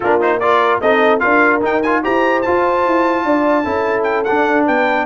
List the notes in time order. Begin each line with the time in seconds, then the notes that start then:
0.00 A#3 D4 F4 A#4
0.20 D#4 C5
0.39 F4 A#4 D5
0.80 C4 D#4 A4 D#5
1.19 D4 F4 A#4 F5
1.61 D#4 G5
1.82 F4 G#5
2.03 E4 G4 C5 A#5
2.42 F4 A5
2.86 E4
3.24 D4 D5
3.64 C#4 E4 A4
4.03 G5
4.24 D4 F#5
4.65 B3 B4 G5